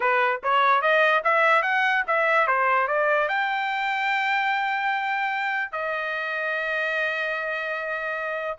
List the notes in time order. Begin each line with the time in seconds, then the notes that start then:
0.00 B4
0.43 C#5
0.81 D#5
1.24 E5
1.62 F#5
2.07 E5
2.47 C5
2.87 D5
3.28 G5
5.72 D#5